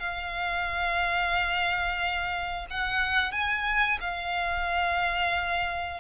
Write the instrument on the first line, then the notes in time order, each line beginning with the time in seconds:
violin
0.00 F5
2.70 F#5
3.32 G#5
4.01 F5